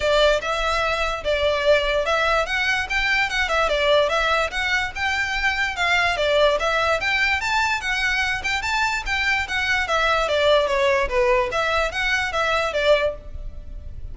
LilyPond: \new Staff \with { instrumentName = "violin" } { \time 4/4 \tempo 4 = 146 d''4 e''2 d''4~ | d''4 e''4 fis''4 g''4 | fis''8 e''8 d''4 e''4 fis''4 | g''2 f''4 d''4 |
e''4 g''4 a''4 fis''4~ | fis''8 g''8 a''4 g''4 fis''4 | e''4 d''4 cis''4 b'4 | e''4 fis''4 e''4 d''4 | }